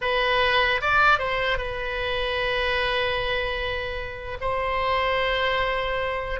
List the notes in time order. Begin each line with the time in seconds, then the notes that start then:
0.01 B4
0.81 D5
1.19 C5
1.57 B4
4.40 C5